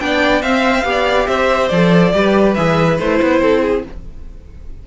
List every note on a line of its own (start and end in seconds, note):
0.00 0.42 B3
0.00 0.43 D4
0.00 0.42 D5
0.00 0.42 G5
0.42 0.84 C4
0.42 0.85 C4
0.42 0.85 E5
0.42 1.27 F5
0.84 1.27 B3
0.84 1.70 G4
0.84 1.28 D5
1.27 1.70 C4
1.27 2.13 C5
1.27 1.68 E5
1.68 2.13 F3
1.68 2.13 A4
1.68 2.53 D5
2.13 2.57 G3
2.13 2.55 G4
2.13 3.41 B4
2.54 2.99 E3
2.54 2.99 G#4
2.54 2.97 E5
2.99 3.21 A3
2.99 3.87 E4
2.99 3.84 C5
3.22 3.41 B3
3.41 3.83 C4
3.41 3.62 A4
3.62 3.83 G#4